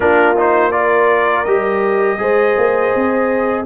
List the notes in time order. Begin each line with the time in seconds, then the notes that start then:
0.00 A#3 D4 F4 A#4
0.37 D#4 C5
0.71 F4 A#4 D5
1.44 G3 G4 D#5
2.18 G#3 G#4 C5
2.57 A#3
2.95 C4